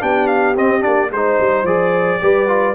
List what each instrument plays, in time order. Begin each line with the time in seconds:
0.00 tuba B3, trombone D4, horn G4, trumpet G5
0.27 trumpet F5
0.56 tuba C4, trombone C4, trumpet D#5
0.81 tuba A#3, trombone D4, trumpet D5
1.11 tuba G#3, trombone D#4, horn C5, trumpet C5
1.40 tuba G3
1.63 tuba F3, trombone G#4, trumpet D5
2.20 tuba G3, trombone G4, horn B4
2.48 trombone F4